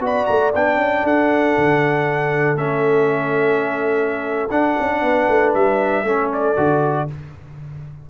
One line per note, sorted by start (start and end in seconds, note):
0.00 0.26 B3
0.00 0.52 F#4
0.00 1.04 D5
0.06 0.26 B5
0.26 0.55 A3
0.26 0.51 A#5
0.55 0.77 B3
0.55 2.57 D4
0.55 1.06 G5
0.77 1.03 C#4
1.04 1.55 D4
1.04 5.02 A4
1.04 2.57 F#5
1.58 2.56 D3
2.56 4.48 A3
2.56 4.49 C#4
2.56 4.50 E5
4.50 4.77 D4
4.50 6.05 D4
4.50 5.53 F#5
4.80 5.02 C#4
5.02 5.28 B3
5.02 6.05 B4
5.29 5.54 A3
5.54 6.04 G3
5.54 6.31 E5
6.04 6.55 A3
6.04 6.57 C#4
6.04 7.09 A4
6.33 7.10 D5
6.57 7.09 D3
6.57 7.08 F#4